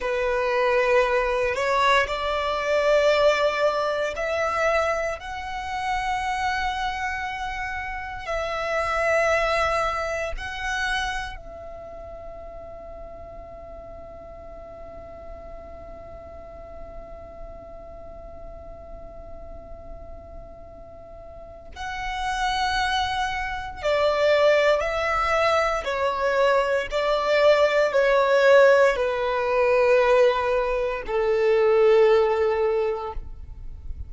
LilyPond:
\new Staff \with { instrumentName = "violin" } { \time 4/4 \tempo 4 = 58 b'4. cis''8 d''2 | e''4 fis''2. | e''2 fis''4 e''4~ | e''1~ |
e''1~ | e''4 fis''2 d''4 | e''4 cis''4 d''4 cis''4 | b'2 a'2 | }